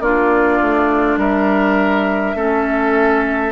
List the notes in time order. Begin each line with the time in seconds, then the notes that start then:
0.00 A#3 D4 F4 D5
0.61 A3
1.17 G3 A#4 E5
2.35 A3 C#4 A4